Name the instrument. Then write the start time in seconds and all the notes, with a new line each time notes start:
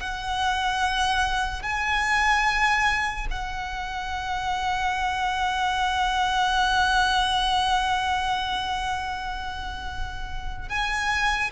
violin
0.00 F#5
1.63 G#5
3.31 F#5
10.69 G#5